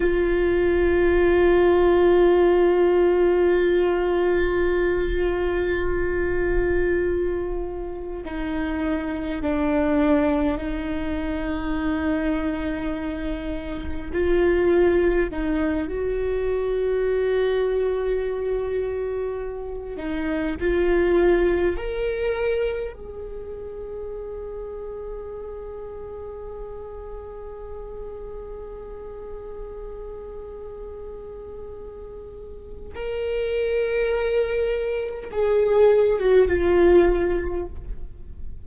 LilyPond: \new Staff \with { instrumentName = "viola" } { \time 4/4 \tempo 4 = 51 f'1~ | f'2. dis'4 | d'4 dis'2. | f'4 dis'8 fis'2~ fis'8~ |
fis'4 dis'8 f'4 ais'4 gis'8~ | gis'1~ | gis'1 | ais'2 gis'8. fis'16 f'4 | }